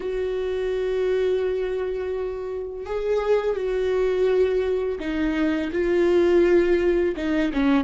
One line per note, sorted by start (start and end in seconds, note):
0.00 2.86 F#4
2.86 3.56 G#4
3.56 4.98 F#4
4.99 5.70 D#4
5.72 7.15 F4
7.16 7.52 D#4
7.53 7.84 C#4